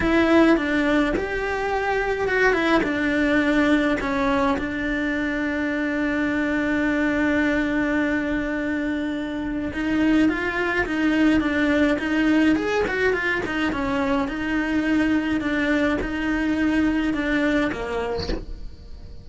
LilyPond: \new Staff \with { instrumentName = "cello" } { \time 4/4 \tempo 4 = 105 e'4 d'4 g'2 | fis'8 e'8 d'2 cis'4 | d'1~ | d'1~ |
d'4 dis'4 f'4 dis'4 | d'4 dis'4 gis'8 fis'8 f'8 dis'8 | cis'4 dis'2 d'4 | dis'2 d'4 ais4 | }